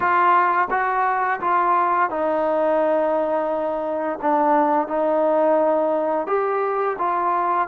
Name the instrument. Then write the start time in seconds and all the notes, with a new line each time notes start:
trombone
0.00 F4
0.70 F#4
1.40 F4
2.10 D#4
4.21 D4
4.87 D#4
6.27 G4
6.98 F4